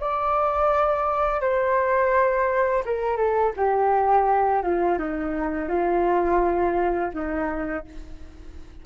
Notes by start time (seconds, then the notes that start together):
0.00 D5
1.41 C5
2.85 A#4
3.17 A4
3.56 G4
4.62 F4
4.98 D#4
5.69 F4
7.13 D#4